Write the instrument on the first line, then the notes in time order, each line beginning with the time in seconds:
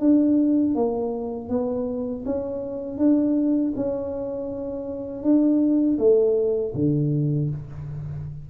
tuba
0.00 D4
0.75 A#3
1.49 B3
2.26 C#4
2.98 D4
3.76 C#4
5.23 D4
5.99 A3
6.75 D3